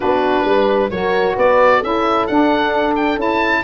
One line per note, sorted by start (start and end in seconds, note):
0.00 0.44 B3
0.00 0.89 D4
0.00 0.45 F#4
0.00 0.90 B4
0.44 0.90 G3
0.44 0.91 B4
0.90 1.36 F#3
0.90 1.82 F#4
0.90 1.35 A#4
0.90 1.36 C#5
1.35 1.82 B3
1.35 1.77 B4
1.35 1.83 D5
1.77 2.27 C#4
1.77 2.28 E4
1.77 3.59 A4
1.77 2.26 E5
2.26 3.17 D4
2.26 3.16 D4
2.26 2.94 F#5
2.95 3.18 G5
3.16 3.61 C#4
3.16 3.63 E4
3.16 3.64 A5